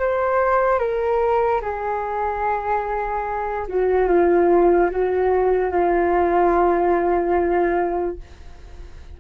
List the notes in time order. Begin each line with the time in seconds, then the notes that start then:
0.00 C5
0.80 A#4
1.62 G#4
3.68 F#4
4.08 F4
4.91 F#4
5.72 F4